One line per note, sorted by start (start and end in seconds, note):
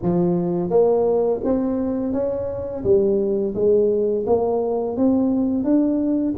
0.02 0.69 F3
0.69 1.40 A#3
1.44 2.12 C4
2.12 2.83 C#4
2.84 3.54 G3
3.54 4.25 G#3
4.26 4.96 A#3
4.96 5.63 C4
5.63 6.34 D4